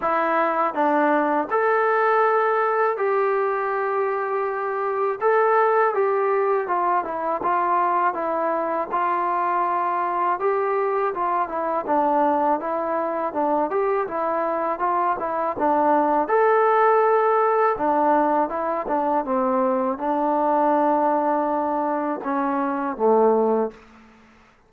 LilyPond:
\new Staff \with { instrumentName = "trombone" } { \time 4/4 \tempo 4 = 81 e'4 d'4 a'2 | g'2. a'4 | g'4 f'8 e'8 f'4 e'4 | f'2 g'4 f'8 e'8 |
d'4 e'4 d'8 g'8 e'4 | f'8 e'8 d'4 a'2 | d'4 e'8 d'8 c'4 d'4~ | d'2 cis'4 a4 | }